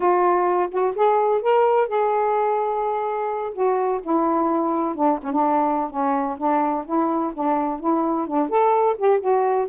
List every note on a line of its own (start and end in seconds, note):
0.00 0.69 F4
0.71 0.94 F#4
0.95 1.41 G#4
1.41 1.88 A#4
1.88 3.53 G#4
3.53 4.00 F#4
4.02 4.95 E4
4.95 5.19 D4
5.22 5.32 C#4
5.32 5.89 D4
5.89 6.37 C#4
6.37 6.84 D4
6.85 7.32 E4
7.34 7.80 D4
7.80 8.27 E4
8.27 8.49 D4
8.49 8.96 A4
8.98 9.20 G4
9.20 9.67 F#4